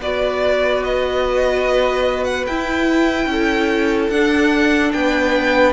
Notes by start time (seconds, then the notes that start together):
0.00 B3 F#4 B4 D5
0.84 D#5
2.24 F#5
2.47 E4 G5
3.27 C#4 A4
4.10 D4 F#5
4.93 B3 B4 G5